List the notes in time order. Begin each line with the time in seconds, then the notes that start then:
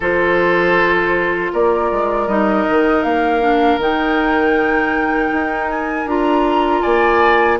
0.00 F3 F4 A4 C5
1.53 A#3 A#4 D5
1.91 G#3
2.27 G3 D#4 D#5
2.69 D#3
3.02 A#3 F5
3.41 D4
3.78 D#3 D#4 G5
5.32 D#4
5.69 G#5
6.05 D4 F4 A#5
6.81 A#3 D5 G#5